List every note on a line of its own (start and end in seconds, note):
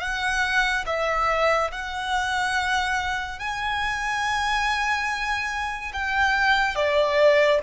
0.00 0.85 F#5
0.86 1.71 E5
1.71 3.39 F#5
3.39 5.92 G#5
5.93 6.75 G5
6.75 7.60 D5